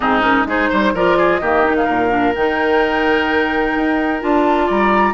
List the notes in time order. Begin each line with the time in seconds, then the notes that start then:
0.00 G#2 C4 D#4 G#4
0.21 C#4 A#4
0.45 G#3 D#4 G#4 C5
0.69 G3 C5
0.93 F3 F4 A#4 D5
1.17 G#4
1.37 D#3 A#3 G4 D#5
1.64 D#4
1.75 G#4 F5
1.84 A#2 A#4
2.09 D4
2.35 D#3 D#4 G5
3.75 D#4
4.20 D4 F4 A5
4.66 G3 D5 A#5